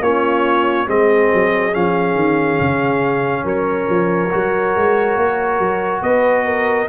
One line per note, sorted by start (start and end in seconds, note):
0.00 0.86 A#3
0.00 0.86 C#4
0.00 0.88 F4
0.00 0.88 C#5
0.86 1.30 G#3
0.86 1.72 C4
0.86 3.44 G#4
0.86 1.74 D#5
1.33 1.75 F#3
1.72 2.14 F3
1.72 4.29 C#4
1.72 3.45 F5
2.14 2.57 D#3
2.60 3.44 C#3
3.44 3.87 F#3
3.44 6.01 A#4
3.44 6.02 C#5
3.89 4.32 F3
4.30 4.76 F#3
4.30 6.87 F#4
4.76 5.16 G#3
5.16 5.59 A#3
5.59 6.01 F#3
6.02 6.87 B3
6.02 6.46 B4
6.02 6.88 D#5
6.46 6.88 A#4